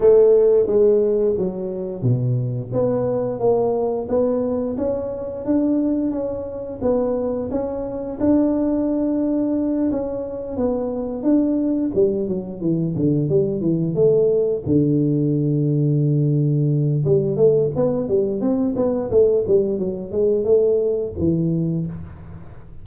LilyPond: \new Staff \with { instrumentName = "tuba" } { \time 4/4 \tempo 4 = 88 a4 gis4 fis4 b,4 | b4 ais4 b4 cis'4 | d'4 cis'4 b4 cis'4 | d'2~ d'8 cis'4 b8~ |
b8 d'4 g8 fis8 e8 d8 g8 | e8 a4 d2~ d8~ | d4 g8 a8 b8 g8 c'8 b8 | a8 g8 fis8 gis8 a4 e4 | }